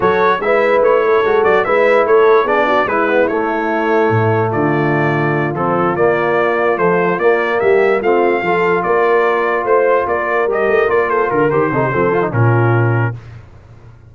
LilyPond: <<
  \new Staff \with { instrumentName = "trumpet" } { \time 4/4 \tempo 4 = 146 cis''4 e''4 cis''4. d''8 | e''4 cis''4 d''4 b'4 | cis''2. d''4~ | d''4. a'4 d''4.~ |
d''8 c''4 d''4 e''4 f''8~ | f''4. d''2 c''8~ | c''8 d''4 dis''4 d''8 c''8 ais'8 | c''2 ais'2 | }
  \new Staff \with { instrumentName = "horn" } { \time 4/4 a'4 b'4. a'4. | b'4 a'4 gis'8 fis'8 e'4~ | e'2. f'4~ | f'1~ |
f'2~ f'8 g'4 f'8~ | f'8 a'4 ais'2 c''8~ | c''8 ais'2~ ais'8 a'8 ais'8~ | ais'8 a'16 g'16 a'4 f'2 | }
  \new Staff \with { instrumentName = "trombone" } { \time 4/4 fis'4 e'2 fis'4 | e'2 d'4 e'8 b8 | a1~ | a4. c'4 ais4.~ |
ais8 f4 ais2 c'8~ | c'8 f'2.~ f'8~ | f'4. g'4 f'4. | g'8 dis'8 c'8 f'16 dis'16 cis'2 | }
  \new Staff \with { instrumentName = "tuba" } { \time 4/4 fis4 gis4 a4 gis8 fis8 | gis4 a4 b4 gis4 | a2 a,4 d4~ | d4. f4 ais4.~ |
ais8 a4 ais4 g4 a8~ | a8 f4 ais2 a8~ | a8 ais4 g8 a8 ais4 d8 | dis8 c8 f4 ais,2 | }
>>